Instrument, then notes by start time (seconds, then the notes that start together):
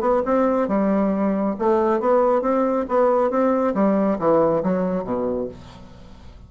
bassoon
0.00 B3
0.25 C4
0.68 G3
1.58 A3
2.00 B3
2.41 C4
2.88 B3
3.30 C4
3.74 G3
4.18 E3
4.63 F#3
5.04 B2